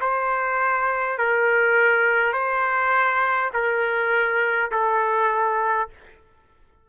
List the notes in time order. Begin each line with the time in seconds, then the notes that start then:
0.00 C5
1.18 A#4
2.33 C5
3.53 A#4
4.71 A4